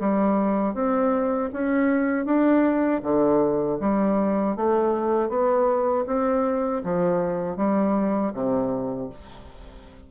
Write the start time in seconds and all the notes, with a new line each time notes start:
0.00 G3
0.75 C4
1.53 C#4
2.25 D4
3.03 D3
3.80 G3
4.56 A3
5.29 B3
6.07 C4
6.84 F3
7.57 G3
8.34 C3